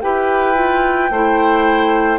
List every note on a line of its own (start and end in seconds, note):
0.00 1.10 E4
0.00 0.55 G4
0.00 1.11 B4
0.00 2.18 G5
0.55 1.10 F4
1.10 2.18 A3
1.10 2.18 E4
1.10 2.18 C5